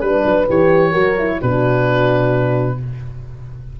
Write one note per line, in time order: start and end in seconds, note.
0.00 0.24 G3
0.00 0.47 D4
0.00 0.46 B4
0.00 0.91 B4
0.25 0.48 F#3
0.47 0.95 E3
0.47 0.93 G4
0.47 1.41 C#5
0.91 1.41 F#3
0.91 1.16 F#4
0.91 1.37 A#4
1.18 1.41 E4
1.40 2.80 B2
1.40 2.78 D4
1.40 2.78 F#4
1.40 2.79 B4